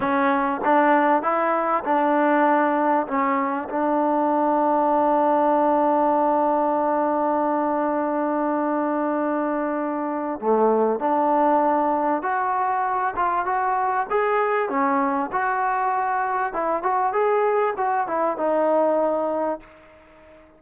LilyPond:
\new Staff \with { instrumentName = "trombone" } { \time 4/4 \tempo 4 = 98 cis'4 d'4 e'4 d'4~ | d'4 cis'4 d'2~ | d'1~ | d'1~ |
d'4 a4 d'2 | fis'4. f'8 fis'4 gis'4 | cis'4 fis'2 e'8 fis'8 | gis'4 fis'8 e'8 dis'2 | }